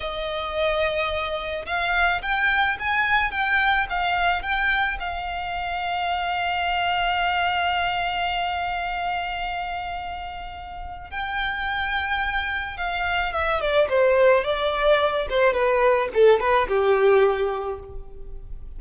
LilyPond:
\new Staff \with { instrumentName = "violin" } { \time 4/4 \tempo 4 = 108 dis''2. f''4 | g''4 gis''4 g''4 f''4 | g''4 f''2.~ | f''1~ |
f''1 | g''2. f''4 | e''8 d''8 c''4 d''4. c''8 | b'4 a'8 b'8 g'2 | }